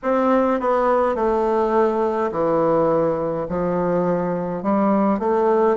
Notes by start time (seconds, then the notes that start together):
0.03 C4
0.60 B3
1.15 A3
2.31 E3
3.49 F3
4.62 G3
5.19 A3